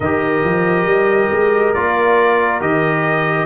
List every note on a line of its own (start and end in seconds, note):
0.00 0.43 D#3
0.00 1.75 G4
0.00 3.45 A#4
0.00 1.73 D#5
0.44 0.85 F3
0.85 1.28 G3
1.31 1.75 G#3
1.73 2.61 A#3
1.73 2.61 F4
1.73 2.60 D5
2.61 3.45 D#3
2.61 3.45 G4
2.61 3.45 D#5